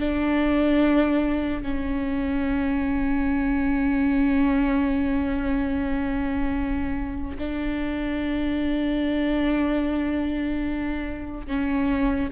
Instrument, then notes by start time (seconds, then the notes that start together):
viola
0.00 D4
1.63 C#4
7.39 D4
11.48 C#4